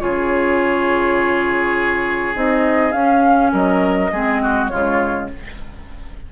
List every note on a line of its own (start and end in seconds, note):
0.00 2.36 C#3
0.00 2.35 F4
0.00 3.52 G#4
0.00 2.35 C#5
2.35 2.94 C4
2.35 2.92 D#4
2.35 2.92 D#5
2.92 4.10 C#4
2.92 3.52 C#4
2.92 3.51 F5
3.52 4.12 F#3
3.52 4.11 A#4
3.52 4.67 D#5
4.12 4.71 G#3
4.12 4.71 C4
4.12 4.42 G#4
4.43 4.71 F#4
4.67 5.32 C#3
4.67 5.30 G#3
4.67 5.30 F4
4.67 5.26 C#5